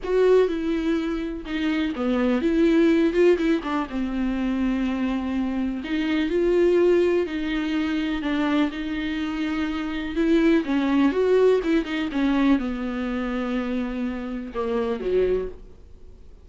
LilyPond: \new Staff \with { instrumentName = "viola" } { \time 4/4 \tempo 4 = 124 fis'4 e'2 dis'4 | b4 e'4. f'8 e'8 d'8 | c'1 | dis'4 f'2 dis'4~ |
dis'4 d'4 dis'2~ | dis'4 e'4 cis'4 fis'4 | e'8 dis'8 cis'4 b2~ | b2 ais4 fis4 | }